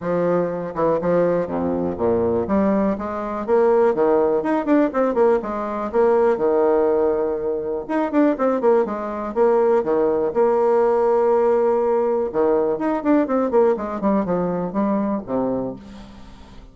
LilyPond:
\new Staff \with { instrumentName = "bassoon" } { \time 4/4 \tempo 4 = 122 f4. e8 f4 f,4 | ais,4 g4 gis4 ais4 | dis4 dis'8 d'8 c'8 ais8 gis4 | ais4 dis2. |
dis'8 d'8 c'8 ais8 gis4 ais4 | dis4 ais2.~ | ais4 dis4 dis'8 d'8 c'8 ais8 | gis8 g8 f4 g4 c4 | }